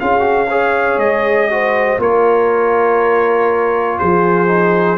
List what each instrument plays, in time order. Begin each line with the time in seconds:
0.00 tuba C#4, trombone F4, horn G#4, trumpet F5
0.20 trombone F#4
0.49 trombone G#4, horn C#5
0.98 tuba G#3, trumpet D#5
1.51 trombone F#4, horn C5
1.99 tuba A#3, trombone F4, horn A#4, trumpet C#5
3.99 tuba F3, horn G#4, trumpet C5
4.48 trombone D#4